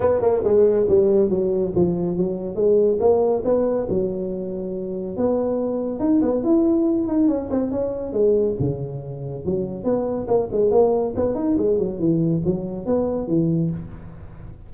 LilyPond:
\new Staff \with { instrumentName = "tuba" } { \time 4/4 \tempo 4 = 140 b8 ais8 gis4 g4 fis4 | f4 fis4 gis4 ais4 | b4 fis2. | b2 dis'8 b8 e'4~ |
e'8 dis'8 cis'8 c'8 cis'4 gis4 | cis2 fis4 b4 | ais8 gis8 ais4 b8 dis'8 gis8 fis8 | e4 fis4 b4 e4 | }